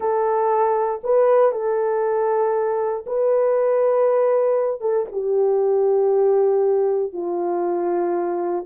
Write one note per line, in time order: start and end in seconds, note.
0.00 1.01 A4
1.03 1.52 B4
1.52 3.04 A4
3.06 4.80 B4
4.80 5.06 A4
5.11 7.12 G4
7.12 8.65 F4